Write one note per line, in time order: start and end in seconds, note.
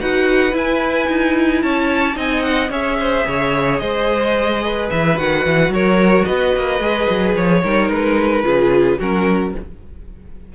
0.00 0.52 D#4
0.00 0.51 F#4
0.00 1.63 B4
0.00 0.55 F#5
0.51 2.13 E4
0.51 1.07 E4
0.51 1.62 G#5
1.08 1.62 D#4
1.62 2.16 C#4
1.62 2.16 C#5
1.62 2.16 A5
2.13 2.70 C4
2.13 2.68 D#4
2.13 2.70 D#5
2.20 2.43 G#5
2.43 2.70 F#5
2.70 3.24 C#4
2.70 5.17 G#4
2.70 2.97 C#5
2.70 3.79 E5
2.99 3.27 C5
3.27 3.81 C#3
3.27 3.81 C#5
3.79 4.90 G#3
3.79 4.63 C5
3.79 4.88 D#5
4.63 5.72 B4
4.90 5.19 E3
4.90 5.18 E5
5.17 5.46 D#3
5.17 6.80 F#4
5.17 5.73 F#5
5.46 5.69 E3
5.69 6.23 F#3
5.69 6.25 A#4
5.69 6.25 C#5
6.25 6.56 B3
6.25 7.61 B4
6.25 7.34 D#5
6.56 6.80 A#3
6.80 7.07 G#3
6.80 7.63 G#4
7.10 7.36 F#3
7.36 7.63 F3
7.36 7.90 C#5
7.62 7.90 G3
7.62 8.43 D#4
7.62 8.44 A#4
7.90 8.43 G#3
7.90 8.99 B4
8.43 8.98 C#3
8.43 8.98 F4
8.43 8.98 G#4
8.98 9.55 F#3
8.98 9.55 C#4
8.98 9.53 F#4
8.98 9.55 A#4